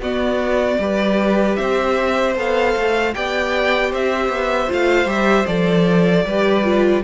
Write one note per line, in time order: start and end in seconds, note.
0.00 0.78 B3
0.00 0.80 B3
0.00 0.78 F#4
0.00 1.56 D5
0.79 1.57 G3
0.79 2.36 G4
0.79 1.59 B4
1.56 2.36 C4
1.56 3.15 C5
1.56 2.34 E5
2.36 2.75 B3
2.36 3.14 A4
2.36 3.14 F5
2.76 3.15 A3
3.14 3.93 B3
3.14 4.68 G4
3.14 3.90 D5
3.14 3.92 G5
3.90 4.29 C4
3.90 6.24 C5
3.90 4.72 E5
4.29 4.68 B3
4.68 5.06 A3
4.68 5.06 F4
4.68 5.10 F5
5.06 5.45 G3
5.06 5.45 G4
5.06 5.46 E5
5.46 6.25 F3
5.46 6.26 A4
5.46 7.02 D5
6.25 7.03 G3
6.25 6.64 G4
6.25 7.04 B4
6.64 7.03 F4